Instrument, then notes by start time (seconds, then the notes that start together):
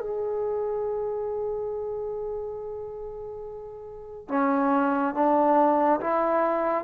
trombone
0.00 G#4
4.29 C#4
5.15 D4
6.01 E4